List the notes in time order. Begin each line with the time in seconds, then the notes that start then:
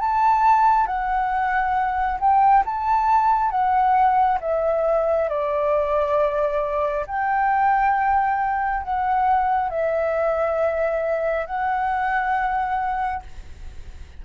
0.00 A5
0.87 F#5
2.20 G5
2.66 A5
3.51 F#5
4.41 E5
5.29 D5
7.07 G5
8.83 F#5
9.70 E5
11.47 F#5